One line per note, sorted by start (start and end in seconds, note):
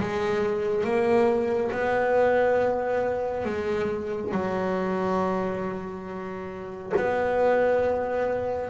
0.00 0.84 G#3
0.84 1.71 A#3
1.72 3.45 B3
3.45 4.32 G#3
4.32 6.93 F#3
6.97 8.70 B3